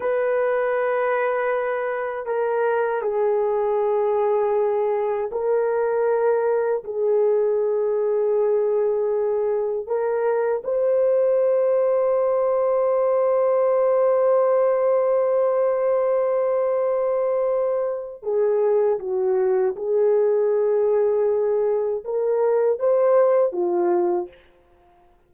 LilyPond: \new Staff \with { instrumentName = "horn" } { \time 4/4 \tempo 4 = 79 b'2. ais'4 | gis'2. ais'4~ | ais'4 gis'2.~ | gis'4 ais'4 c''2~ |
c''1~ | c''1 | gis'4 fis'4 gis'2~ | gis'4 ais'4 c''4 f'4 | }